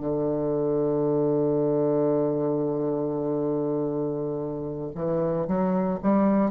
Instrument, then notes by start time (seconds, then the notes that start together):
bassoon
0.00 D3
4.96 E3
5.47 F#3
6.03 G3